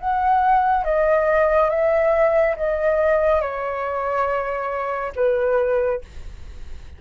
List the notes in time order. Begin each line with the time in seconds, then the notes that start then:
0.00 F#5
0.85 D#5
1.70 E5
2.57 D#5
3.41 C#5
5.16 B4